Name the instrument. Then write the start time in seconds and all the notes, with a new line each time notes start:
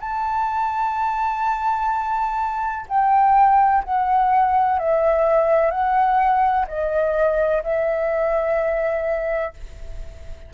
flute
0.00 A5
2.88 G5
3.84 F#5
4.79 E5
5.71 F#5
6.68 D#5
7.63 E5